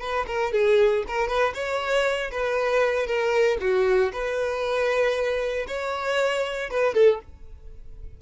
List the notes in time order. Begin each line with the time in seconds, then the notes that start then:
0.00 B4
0.26 A#4
0.52 G#4
1.07 A#4
1.28 B4
1.54 C#5
2.31 B4
3.06 A#4
3.60 F#4
4.12 B4
5.67 C#5
6.70 B4
6.94 A4